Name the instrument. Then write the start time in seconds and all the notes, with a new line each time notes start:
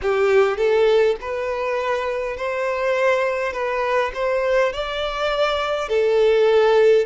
violin
0.02 G4
0.57 A4
1.21 B4
2.36 C5
3.52 B4
4.14 C5
4.73 D5
5.88 A4